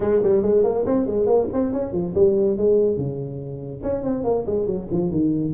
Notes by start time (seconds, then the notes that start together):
0.00 G#3
0.22 G3
0.42 G#3
0.63 A#3
0.85 C4
1.06 G#3
1.26 A#3
1.52 C4
1.73 C#4
1.92 F3
2.15 G3
2.57 G#3
2.97 C#3
3.82 C#4
4.03 C4
4.24 A#3
4.46 G#3
4.66 F#3
4.91 F3
5.10 D#3